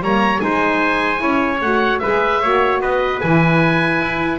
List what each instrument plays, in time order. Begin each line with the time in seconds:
0.00 double bass G3, saxophone A#3, trumpet C#5, oboe A#5
0.39 double bass G#3, saxophone D#4, trumpet C5, oboe G#5
1.17 double bass C#4, saxophone E4, trumpet C#5
1.61 double bass A3, saxophone F#4, oboe F#5
1.99 double bass G#3, saxophone G#4, trumpet B4, oboe E5
2.41 double bass A#3, saxophone F#4, trumpet C#5
2.81 double bass B3, trumpet B4, oboe D#5
3.20 double bass E3, saxophone E4, oboe G#5
4.01 double bass E4